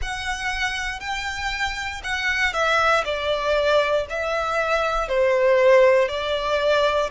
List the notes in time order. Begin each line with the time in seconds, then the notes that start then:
0.01 F#5
0.99 G5
2.03 F#5
2.53 E5
3.05 D5
4.09 E5
5.08 C5
6.08 D5